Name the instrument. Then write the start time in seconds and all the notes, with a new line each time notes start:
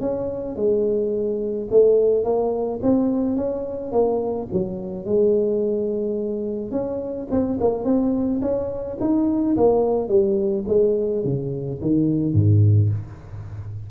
tuba
0.00 C#4
0.56 G#3
1.71 A3
2.24 A#3
2.82 C4
3.36 C#4
3.92 A#3
4.52 F#3
5.05 G#3
6.71 C#4
7.30 C4
7.60 A#3
7.84 C4
8.41 C#4
9.00 D#4
9.57 A#3
10.08 G3
10.67 G#3
11.24 C#3
11.81 D#3
12.33 G#2